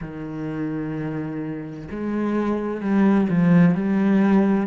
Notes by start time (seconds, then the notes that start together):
0.01 D#3
1.90 G#3
2.80 G3
3.29 F3
3.74 G3